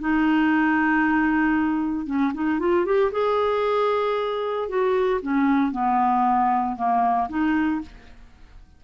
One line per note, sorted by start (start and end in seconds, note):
0.00 2.06 D#4
2.06 2.32 C#4
2.34 2.59 D#4
2.59 2.85 F4
2.85 3.11 G4
3.12 4.68 G#4
4.69 5.21 F#4
5.22 5.72 C#4
5.72 6.76 B3
6.76 7.28 A#3
7.29 7.81 D#4